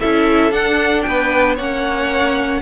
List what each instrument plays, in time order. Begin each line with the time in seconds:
0.00 cello C#4, viola E4, violin A4 E5
0.51 cello D4, viola D4, violin F#5
1.02 cello B3, violin B4 G5
1.55 cello A#3, viola C#4, violin C#5 F#5